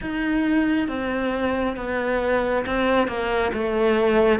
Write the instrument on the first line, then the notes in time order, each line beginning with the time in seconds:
cello
0.01 D#4
0.88 C4
1.76 B3
2.66 C4
3.07 A#3
3.53 A3